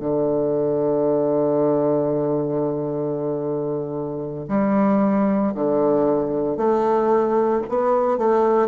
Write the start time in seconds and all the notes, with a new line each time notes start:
0.00 D3
4.48 G3
5.55 D3
6.57 A3
7.69 B3
8.18 A3